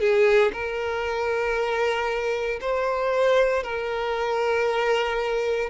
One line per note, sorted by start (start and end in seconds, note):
0.00 0.52 G#4
0.53 2.60 A#4
2.61 3.63 C5
3.63 5.70 A#4